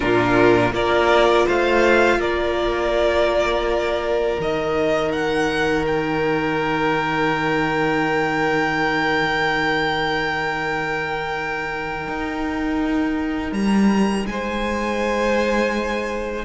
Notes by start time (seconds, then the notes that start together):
0.00 A#2 D4 F4 A#4
0.71 A#3 F4 A#4 D5
1.46 A3 C5 F5
2.17 A#3 A#4 D5
4.38 D#3 D#4 D#5
5.11 F#5
5.86 G5
12.07 D#4
13.52 G3 A#5
14.26 G#3 C5 G#5